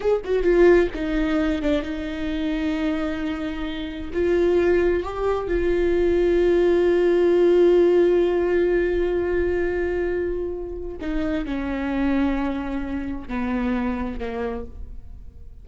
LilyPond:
\new Staff \with { instrumentName = "viola" } { \time 4/4 \tempo 4 = 131 gis'8 fis'8 f'4 dis'4. d'8 | dis'1~ | dis'4 f'2 g'4 | f'1~ |
f'1~ | f'1 | dis'4 cis'2.~ | cis'4 b2 ais4 | }